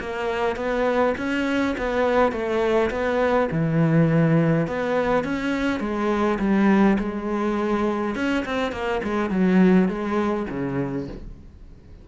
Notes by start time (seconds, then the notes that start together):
0.00 A#3
0.56 B3
1.18 C#4
1.78 B3
2.32 A3
2.90 B3
3.51 E3
4.67 B3
5.24 C#4
5.80 G#3
6.39 G3
6.99 G#3
8.15 C#4
8.45 C4
8.72 A#3
9.03 G#3
9.30 F#3
9.88 G#3
10.50 C#3